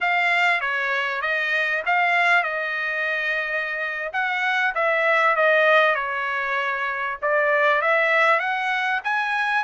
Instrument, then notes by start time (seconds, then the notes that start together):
trumpet
0.00 F5
0.60 C#5
1.21 D#5
1.86 F5
2.43 D#5
4.12 F#5
4.74 E5
5.35 D#5
5.95 C#5
7.21 D5
7.81 E5
8.39 F#5
9.04 G#5